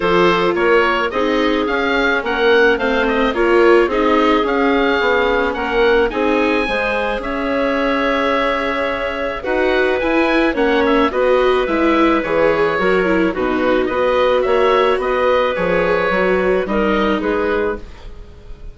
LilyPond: <<
  \new Staff \with { instrumentName = "oboe" } { \time 4/4 \tempo 4 = 108 c''4 cis''4 dis''4 f''4 | fis''4 f''8 dis''8 cis''4 dis''4 | f''2 fis''4 gis''4~ | gis''4 e''2.~ |
e''4 fis''4 gis''4 fis''8 e''8 | dis''4 e''4 cis''2 | b'4 dis''4 e''4 dis''4 | cis''2 dis''4 b'4 | }
  \new Staff \with { instrumentName = "clarinet" } { \time 4/4 a'4 ais'4 gis'2 | ais'4 c''4 ais'4 gis'4~ | gis'2 ais'4 gis'4 | c''4 cis''2.~ |
cis''4 b'2 cis''4 | b'2. ais'4 | fis'4 b'4 cis''4 b'4~ | b'2 ais'4 gis'4 | }
  \new Staff \with { instrumentName = "viola" } { \time 4/4 f'2 dis'4 cis'4~ | cis'4 c'4 f'4 dis'4 | cis'2. dis'4 | gis'1~ |
gis'4 fis'4 e'4 cis'4 | fis'4 e'4 gis'4 fis'8 e'8 | dis'4 fis'2. | gis'4 fis'4 dis'2 | }
  \new Staff \with { instrumentName = "bassoon" } { \time 4/4 f4 ais4 c'4 cis'4 | ais4 a4 ais4 c'4 | cis'4 b4 ais4 c'4 | gis4 cis'2.~ |
cis'4 dis'4 e'4 ais4 | b4 gis4 e4 fis4 | b,4 b4 ais4 b4 | f4 fis4 g4 gis4 | }
>>